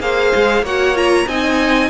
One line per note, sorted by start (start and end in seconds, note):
0.00 0.32 A#3
0.00 0.63 G#4
0.00 0.64 C5
0.00 0.64 F5
0.35 0.62 G#3
0.62 1.25 A#3
0.62 0.95 F#4
0.62 1.27 C#5
0.62 0.97 F#5
0.95 1.27 F4
0.95 1.28 A#5
1.27 1.90 C4
1.27 1.90 D#4
1.27 1.90 D#5
1.27 1.90 G#5